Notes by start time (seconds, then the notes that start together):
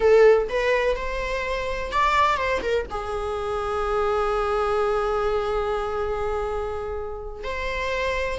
0.00 A4
0.49 B4
0.96 C5
1.92 D5
2.37 C5
2.62 A#4
2.90 G#4
7.43 C5